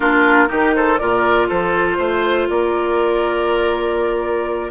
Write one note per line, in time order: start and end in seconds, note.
0.00 0.49 A#3
0.00 0.47 D4
0.00 0.48 F4
0.00 0.74 A#4
0.47 1.00 D#3
0.47 0.97 D#4
0.47 0.74 G4
0.74 1.00 A4
0.74 0.97 C5
0.97 1.50 A#2
0.97 4.70 F4
0.97 1.48 A#4
0.97 1.47 D5
1.48 1.98 F3
1.48 1.97 A4
1.48 2.48 C5
1.98 2.47 A3
1.98 2.48 C5
2.49 4.70 A#3
2.49 4.70 A#4
2.49 4.70 D5